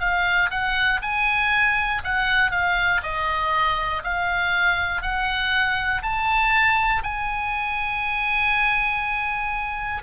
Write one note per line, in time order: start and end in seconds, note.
0.00 0.50 F5
0.50 1.00 F#5
1.02 2.02 G#5
2.04 2.51 F#5
2.51 3.01 F5
3.03 4.03 D#5
4.04 5.02 F5
5.02 6.02 F#5
6.02 7.02 A5
7.03 10.02 G#5